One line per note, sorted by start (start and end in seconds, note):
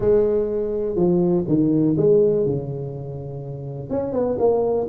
0.00 0.95 G#3
0.95 1.44 F3
1.47 1.96 D#3
1.97 2.45 G#3
2.46 3.90 C#3
3.90 4.12 C#4
4.12 4.37 B3
4.38 4.87 A#3